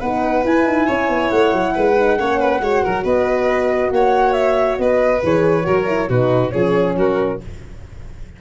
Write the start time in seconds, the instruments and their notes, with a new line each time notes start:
0.00 tuba B3, horn D#4, violin B4, flute F#5
0.43 horn E4, tuba E4, flute G#5
0.65 tuba D#4
0.86 tuba C#4, violin C#5
1.09 tuba B3
1.30 tuba A3, flute F#5
1.53 tuba F#3
1.75 tuba G#3, violin B4
1.96 horn D#4
2.18 tuba A#3, horn C#4, violin C#5
2.40 violin B4
2.60 tuba G#3, horn F#4, violin C#5
2.84 tuba F#3, violin A#4
3.04 tuba B3, violin B4, flute D#5
3.91 tuba A#3, violin C#5, flute F#5
4.33 flute E5
4.78 tuba B3, violin B4, flute D#5
5.23 tuba E3, horn G#4, flute C#5
5.63 tuba F#3, horn F#4, violin A#4
5.87 horn E4
6.09 tuba B2, horn D#4, violin F#4, flute B4
6.50 tuba F3, horn C#4, violin G#4, flute C#5
6.96 tuba F#3, violin F#4, flute A#4